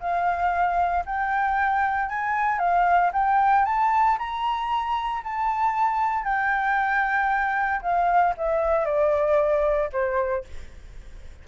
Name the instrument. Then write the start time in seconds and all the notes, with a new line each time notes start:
flute
0.00 F5
1.06 G5
2.09 G#5
2.58 F5
3.13 G5
3.65 A5
4.18 A#5
5.23 A5
6.24 G5
7.82 F5
8.37 E5
8.85 D5
9.92 C5